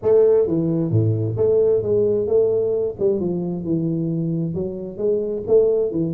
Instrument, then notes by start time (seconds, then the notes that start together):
tuba
0.02 A3
0.47 E3
0.90 A2
1.36 A3
1.82 G#3
2.27 A3
2.99 G3
3.20 F3
3.64 E3
4.54 F#3
4.97 G#3
5.47 A3
5.91 E3